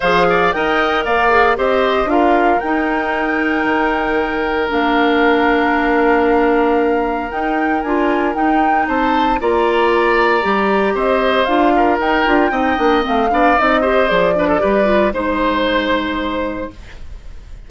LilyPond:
<<
  \new Staff \with { instrumentName = "flute" } { \time 4/4 \tempo 4 = 115 f''4 g''4 f''4 dis''4 | f''4 g''2.~ | g''4 f''2.~ | f''2 g''4 gis''4 |
g''4 a''4 ais''2~ | ais''4 dis''4 f''4 g''4~ | g''4 f''4 dis''4 d''4~ | d''4 c''2. | }
  \new Staff \with { instrumentName = "oboe" } { \time 4/4 c''8 d''8 dis''4 d''4 c''4 | ais'1~ | ais'1~ | ais'1~ |
ais'4 c''4 d''2~ | d''4 c''4. ais'4. | dis''4. d''4 c''4 b'16 a'16 | b'4 c''2. | }
  \new Staff \with { instrumentName = "clarinet" } { \time 4/4 gis'4 ais'4. gis'8 g'4 | f'4 dis'2.~ | dis'4 d'2.~ | d'2 dis'4 f'4 |
dis'2 f'2 | g'2 f'4 dis'8 f'8 | dis'8 d'8 c'8 d'8 dis'8 g'8 gis'8 d'8 | g'8 f'8 dis'2. | }
  \new Staff \with { instrumentName = "bassoon" } { \time 4/4 f4 dis'4 ais4 c'4 | d'4 dis'2 dis4~ | dis4 ais2.~ | ais2 dis'4 d'4 |
dis'4 c'4 ais2 | g4 c'4 d'4 dis'8 d'8 | c'8 ais8 a8 b8 c'4 f4 | g4 gis2. | }
>>